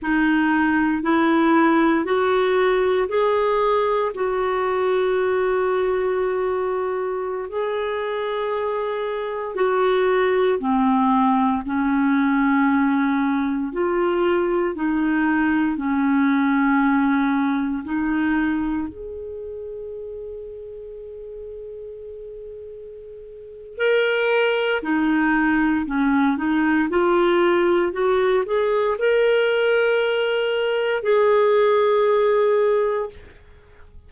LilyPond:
\new Staff \with { instrumentName = "clarinet" } { \time 4/4 \tempo 4 = 58 dis'4 e'4 fis'4 gis'4 | fis'2.~ fis'16 gis'8.~ | gis'4~ gis'16 fis'4 c'4 cis'8.~ | cis'4~ cis'16 f'4 dis'4 cis'8.~ |
cis'4~ cis'16 dis'4 gis'4.~ gis'16~ | gis'2. ais'4 | dis'4 cis'8 dis'8 f'4 fis'8 gis'8 | ais'2 gis'2 | }